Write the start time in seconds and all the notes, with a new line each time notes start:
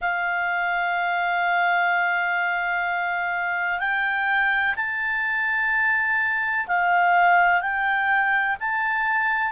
0.01 F5
3.79 G5
4.76 A5
6.67 F5
7.61 G5
8.60 A5